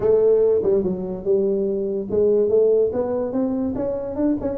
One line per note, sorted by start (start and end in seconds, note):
0.00 0.61 A3
0.62 0.83 G3
0.83 1.24 F#3
1.24 2.07 G3
2.10 2.49 G#3
2.49 2.91 A3
2.92 3.32 B3
3.32 3.74 C4
3.75 4.15 C#4
4.15 4.36 D4
4.41 4.58 C#4